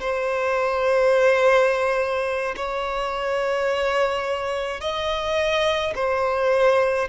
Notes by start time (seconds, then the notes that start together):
0.00 C5
2.56 C#5
4.81 D#5
5.95 C5